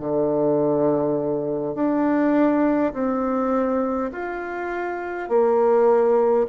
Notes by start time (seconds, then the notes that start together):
0.00 D3
1.75 D4
2.94 C4
4.12 F4
5.29 A#3